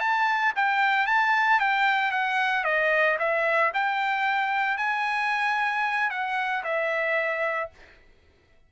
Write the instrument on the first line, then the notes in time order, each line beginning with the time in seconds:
trumpet
0.00 A5
0.56 G5
1.07 A5
1.60 G5
2.12 F#5
2.65 D#5
3.19 E5
3.74 G5
4.78 G#5
6.10 F#5
6.64 E5